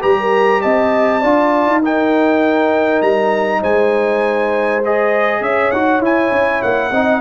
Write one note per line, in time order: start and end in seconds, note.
0.00 0.63 G3
0.00 1.21 G4
0.00 0.15 B4
0.00 0.61 A#5
0.19 0.61 A#4
0.61 1.23 C4
0.61 1.20 D#5
0.61 1.81 A5
1.20 1.66 D4
1.20 1.82 F4
1.20 1.80 D5
1.66 3.01 D#4
1.82 4.82 D#4
1.82 3.60 A#4
1.82 3.02 G5
3.01 3.61 G3
3.01 3.62 A#5
3.60 5.41 G#3
3.60 5.40 C5
3.60 4.83 G#5
4.84 5.74 G#4
4.84 5.42 D#5
5.41 5.71 C#4
5.41 6.91 C#5
5.41 5.71 E5
5.71 5.99 D#4
5.71 6.01 F#4
5.71 6.01 F#5
5.99 6.29 E4
5.99 6.91 E4
5.99 6.62 G#5
6.31 6.61 C#4
6.62 6.91 A#3
6.62 7.21 F#5
6.91 7.21 C4
6.91 7.21 D#4
6.91 7.21 D#5